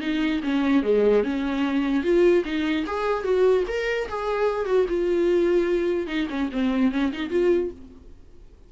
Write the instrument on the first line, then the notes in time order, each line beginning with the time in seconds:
viola
0.00 D#4
0.43 C#4
0.83 G#3
1.23 C#4
2.03 F4
2.44 D#4
2.86 G#4
3.23 F#4
3.67 A#4
4.08 G#4
4.65 F#4
4.88 F4
6.07 D#4
6.29 C#4
6.52 C4
6.91 C#4
7.12 D#4
7.30 F4